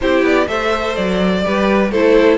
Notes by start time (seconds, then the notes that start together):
0.01 C4 E4 G4 C5
0.23 B3 D5
0.47 A3 A4 C5 E5
0.95 F#3 D5
1.43 G3 G4 B4
1.91 A3 E4 A4 C5